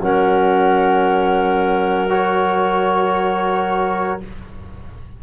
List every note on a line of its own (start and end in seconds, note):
0.00 4.22 F#3
0.00 2.10 C#4
0.00 4.24 A#4
0.00 2.11 F#5
2.10 4.21 F#4
2.10 4.21 C#5